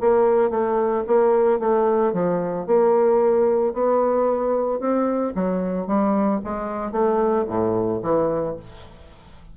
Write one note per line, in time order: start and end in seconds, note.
0.00 0.50 A#3
0.50 1.04 A3
1.07 1.59 A#3
1.59 2.13 A3
2.13 2.67 F3
2.67 3.73 A#3
3.73 4.80 B3
4.80 5.33 C4
5.35 5.87 F#3
5.87 6.41 G3
6.44 6.92 G#3
6.92 7.45 A3
7.48 8.02 A2
8.03 8.56 E3